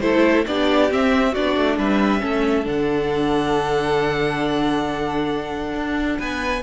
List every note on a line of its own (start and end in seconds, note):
0.00 0.45 A3
0.00 0.45 E4
0.00 0.45 A4
0.00 0.44 C5
0.46 0.91 B3
0.46 0.89 D4
0.46 1.32 G4
0.46 0.90 D5
0.89 1.33 C4
0.89 1.35 C4
0.89 1.34 E5
1.32 1.56 B3
1.32 2.20 D4
1.32 1.76 F#4
1.32 1.78 D5
1.56 1.77 A3
1.77 2.22 G3
1.77 2.21 B4
1.77 2.67 E5
2.20 2.66 A3
2.20 2.63 C#4
2.20 6.18 A4
2.63 5.74 D3
2.63 6.60 D4
2.63 6.19 F#5
5.74 6.18 D4
6.18 6.63 B3
6.18 6.62 B4
6.18 6.63 G#5